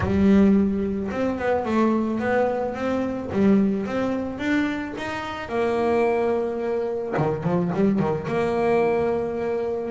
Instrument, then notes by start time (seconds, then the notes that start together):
double bass
0.00 G3
1.11 C4
1.38 B3
1.65 A3
2.19 B3
2.74 C4
3.32 G3
3.86 C4
4.38 D4
4.97 D#4
5.48 A#3
7.17 D#3
7.43 F3
7.74 G3
7.99 D#3
8.27 A#3